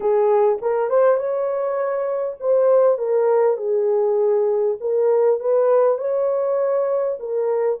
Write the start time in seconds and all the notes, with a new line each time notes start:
0.00 G#4
0.61 A#4
0.89 C5
1.16 C#5
2.40 C5
2.98 A#4
3.57 G#4
4.80 A#4
5.40 B4
5.98 C#5
7.19 A#4